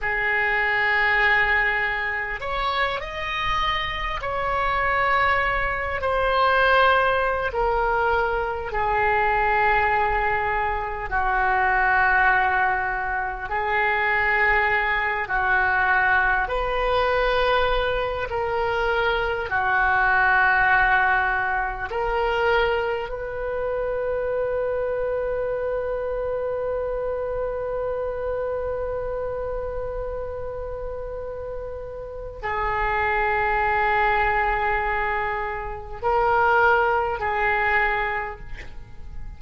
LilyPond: \new Staff \with { instrumentName = "oboe" } { \time 4/4 \tempo 4 = 50 gis'2 cis''8 dis''4 cis''8~ | cis''4 c''4~ c''16 ais'4 gis'8.~ | gis'4~ gis'16 fis'2 gis'8.~ | gis'8. fis'4 b'4. ais'8.~ |
ais'16 fis'2 ais'4 b'8.~ | b'1~ | b'2. gis'4~ | gis'2 ais'4 gis'4 | }